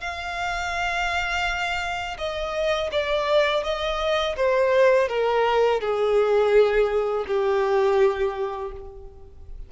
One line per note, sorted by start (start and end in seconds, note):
0.00 2.17 F5
2.18 2.90 D#5
2.91 3.63 D5
3.63 4.36 D#5
4.36 5.08 C5
5.08 5.80 A#4
5.80 7.25 G#4
7.27 8.72 G4